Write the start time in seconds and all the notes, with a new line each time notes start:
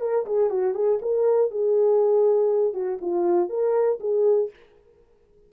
0.00 A#4
0.26 G#4
0.50 F#4
0.74 G#4
1.01 A#4
1.50 G#4
2.73 F#4
3.01 F4
3.49 A#4
4.00 G#4